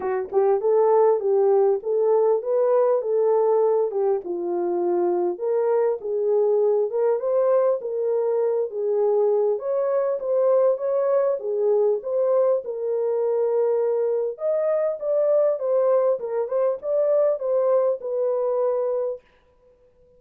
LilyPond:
\new Staff \with { instrumentName = "horn" } { \time 4/4 \tempo 4 = 100 fis'8 g'8 a'4 g'4 a'4 | b'4 a'4. g'8 f'4~ | f'4 ais'4 gis'4. ais'8 | c''4 ais'4. gis'4. |
cis''4 c''4 cis''4 gis'4 | c''4 ais'2. | dis''4 d''4 c''4 ais'8 c''8 | d''4 c''4 b'2 | }